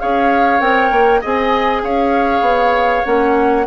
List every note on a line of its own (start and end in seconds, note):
0.00 0.60 C#4
0.00 0.60 G#4
0.00 1.21 C#5
0.00 0.61 F5
0.60 0.91 C4
0.60 1.21 A#4
0.60 1.22 G5
0.91 1.22 A#3
1.21 1.84 C4
1.21 3.05 G#4
1.21 1.83 D#5
1.21 1.85 G#5
1.84 2.41 C#4
1.84 3.67 C#5
1.84 3.06 F5
2.41 3.03 B3
3.05 3.67 A#3
3.05 3.66 C#4
3.05 3.67 F#5